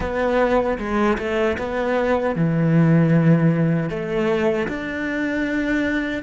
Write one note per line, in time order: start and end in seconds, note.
0.00 0.78 B3
0.78 1.17 G#3
1.18 1.57 A3
1.58 2.35 B3
2.35 3.89 E3
3.89 4.67 A3
4.68 6.22 D4